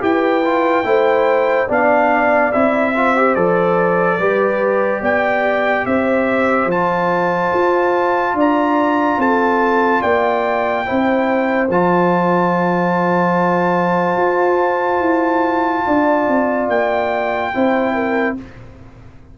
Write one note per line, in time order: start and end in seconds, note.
0.00 0.84 E4
0.00 0.42 G4
0.00 0.86 B4
0.00 1.70 G5
0.44 0.84 F4
0.84 1.67 A3
0.84 1.68 E4
0.84 1.68 C5
1.68 2.53 B3
1.68 2.52 D4
1.68 2.93 D5
1.68 2.52 F5
2.52 3.36 C4
2.52 2.95 E4
2.52 3.35 E5
2.95 3.16 F4
2.95 4.18 C5
3.16 3.36 G4
3.35 4.19 F3
3.35 4.19 A4
3.35 5.02 D5
4.18 5.01 G3
4.18 6.70 G4
4.18 5.00 B4
5.00 5.85 B3
5.00 5.84 D5
5.00 5.86 G5
5.86 6.65 C4
5.86 8.36 C5
5.86 6.69 E5
6.65 7.48 F3
6.65 10.85 F4
6.65 8.38 A5
7.54 8.34 F4
8.34 9.17 D4
8.34 9.19 D5
8.34 9.21 A#5
9.18 10.01 C4
9.18 10.01 A4
9.18 10.02 A5
10.01 10.87 A#3
10.01 10.85 D5
10.01 11.68 G5
10.85 11.69 C4
10.85 11.69 E4
10.85 15.85 C5
11.69 14.17 F3
11.69 17.54 F4
11.69 16.69 A5
14.17 15.00 F4
15.00 15.84 E4
15.86 16.28 D4
15.86 17.53 D5
16.28 16.68 C4
16.68 17.51 A#3
16.68 18.36 G5
17.54 18.38 C4
17.54 18.37 E4
17.54 17.94 C5
17.94 18.36 A#4